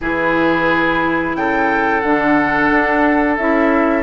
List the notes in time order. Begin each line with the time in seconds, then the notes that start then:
0.01 E3 E4 G#4 B4
1.35 C#3 A4 G5
2.00 D3 D4 F#5
2.71 D4
3.36 C#4 E4 E5